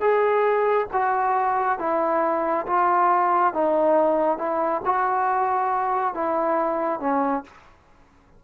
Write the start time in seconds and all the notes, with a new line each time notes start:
0.00 G#4
0.92 F#4
1.78 E4
2.66 F4
3.53 D#4
4.38 E4
4.85 F#4
6.14 E4
7.00 C#4